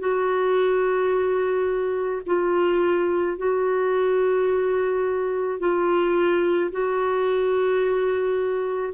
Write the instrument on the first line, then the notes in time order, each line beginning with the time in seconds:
clarinet
0.00 F#4
2.26 F4
3.38 F#4
5.60 F4
6.72 F#4